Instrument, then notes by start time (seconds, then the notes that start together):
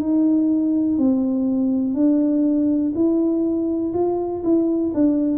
tuba
0.00 D#4
0.98 C4
1.94 D4
2.95 E4
3.94 F4
4.44 E4
4.94 D4